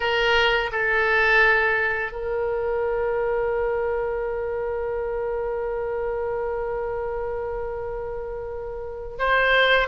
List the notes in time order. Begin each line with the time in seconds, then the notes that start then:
0.00 A#4
0.72 A4
2.11 A#4
9.19 C5